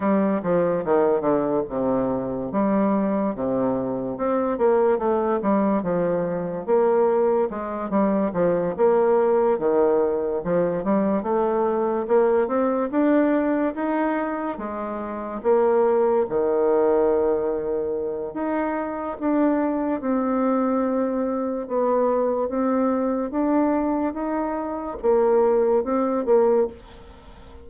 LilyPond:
\new Staff \with { instrumentName = "bassoon" } { \time 4/4 \tempo 4 = 72 g8 f8 dis8 d8 c4 g4 | c4 c'8 ais8 a8 g8 f4 | ais4 gis8 g8 f8 ais4 dis8~ | dis8 f8 g8 a4 ais8 c'8 d'8~ |
d'8 dis'4 gis4 ais4 dis8~ | dis2 dis'4 d'4 | c'2 b4 c'4 | d'4 dis'4 ais4 c'8 ais8 | }